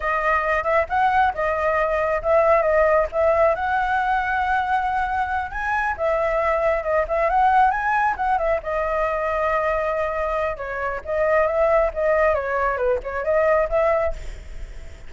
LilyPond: \new Staff \with { instrumentName = "flute" } { \time 4/4 \tempo 4 = 136 dis''4. e''8 fis''4 dis''4~ | dis''4 e''4 dis''4 e''4 | fis''1~ | fis''8 gis''4 e''2 dis''8 |
e''8 fis''4 gis''4 fis''8 e''8 dis''8~ | dis''1 | cis''4 dis''4 e''4 dis''4 | cis''4 b'8 cis''8 dis''4 e''4 | }